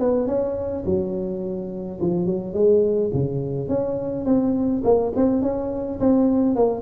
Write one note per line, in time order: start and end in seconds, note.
0.00 0.27 B3
0.27 0.84 C#4
0.86 2.01 F#3
2.01 2.27 F3
2.27 2.54 F#3
2.54 3.11 G#3
3.14 3.69 C#3
3.69 4.26 C#4
4.26 4.83 C4
4.84 5.13 A#3
5.16 5.42 C4
5.42 5.99 C#4
6.00 6.56 C4
6.56 6.82 A#3